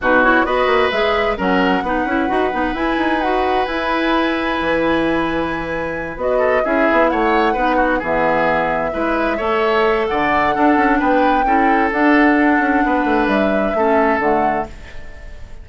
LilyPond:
<<
  \new Staff \with { instrumentName = "flute" } { \time 4/4 \tempo 4 = 131 b'8 cis''8 dis''4 e''4 fis''4~ | fis''2 gis''4 fis''4 | gis''1~ | gis''4. dis''4 e''4 fis''8~ |
fis''4. e''2~ e''8~ | e''2 fis''2 | g''2 fis''2~ | fis''4 e''2 fis''4 | }
  \new Staff \with { instrumentName = "oboe" } { \time 4/4 fis'4 b'2 ais'4 | b'1~ | b'1~ | b'2 a'8 gis'4 cis''8~ |
cis''8 b'8 fis'8 gis'2 b'8~ | b'8 cis''4. d''4 a'4 | b'4 a'2. | b'2 a'2 | }
  \new Staff \with { instrumentName = "clarinet" } { \time 4/4 dis'8 e'8 fis'4 gis'4 cis'4 | dis'8 e'8 fis'8 dis'8 e'4 fis'4 | e'1~ | e'4. fis'4 e'4.~ |
e'8 dis'4 b2 e'8~ | e'8 a'2~ a'8 d'4~ | d'4 e'4 d'2~ | d'2 cis'4 a4 | }
  \new Staff \with { instrumentName = "bassoon" } { \time 4/4 b,4 b8 ais8 gis4 fis4 | b8 cis'8 dis'8 b8 e'8 dis'4. | e'2 e2~ | e4. b4 cis'8 b8 a8~ |
a8 b4 e2 gis8~ | gis8 a4. d4 d'8 cis'8 | b4 cis'4 d'4. cis'8 | b8 a8 g4 a4 d4 | }
>>